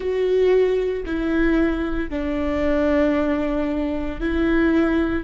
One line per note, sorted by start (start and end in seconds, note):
0.00 1.03 F#4
1.06 2.10 E4
2.10 4.20 D4
4.20 5.24 E4